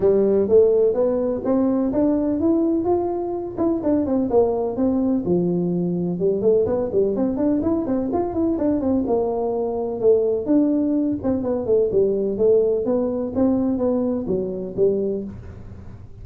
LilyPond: \new Staff \with { instrumentName = "tuba" } { \time 4/4 \tempo 4 = 126 g4 a4 b4 c'4 | d'4 e'4 f'4. e'8 | d'8 c'8 ais4 c'4 f4~ | f4 g8 a8 b8 g8 c'8 d'8 |
e'8 c'8 f'8 e'8 d'8 c'8 ais4~ | ais4 a4 d'4. c'8 | b8 a8 g4 a4 b4 | c'4 b4 fis4 g4 | }